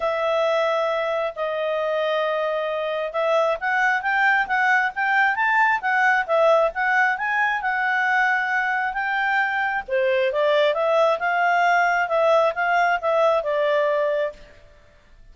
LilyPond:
\new Staff \with { instrumentName = "clarinet" } { \time 4/4 \tempo 4 = 134 e''2. dis''4~ | dis''2. e''4 | fis''4 g''4 fis''4 g''4 | a''4 fis''4 e''4 fis''4 |
gis''4 fis''2. | g''2 c''4 d''4 | e''4 f''2 e''4 | f''4 e''4 d''2 | }